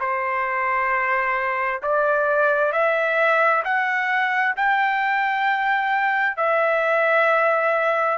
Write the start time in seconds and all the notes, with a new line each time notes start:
0.00 C5
1.83 D5
2.73 E5
3.65 F#5
4.57 G5
6.37 E5